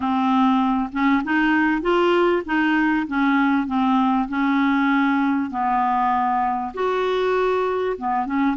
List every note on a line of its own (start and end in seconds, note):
0.00 0.89 C4
0.92 1.22 C#4
1.24 1.81 D#4
1.81 2.42 F4
2.45 3.06 D#4
3.07 3.66 C#4
3.66 4.27 C4
4.28 5.50 C#4
5.50 6.72 B3
6.73 7.96 F#4
7.97 8.25 B3
8.25 8.56 C#4